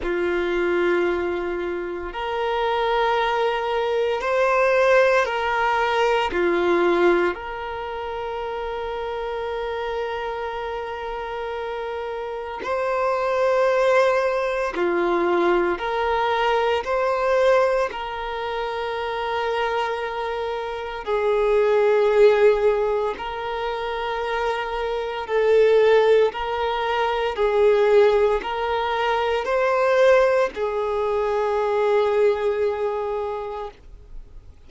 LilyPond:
\new Staff \with { instrumentName = "violin" } { \time 4/4 \tempo 4 = 57 f'2 ais'2 | c''4 ais'4 f'4 ais'4~ | ais'1 | c''2 f'4 ais'4 |
c''4 ais'2. | gis'2 ais'2 | a'4 ais'4 gis'4 ais'4 | c''4 gis'2. | }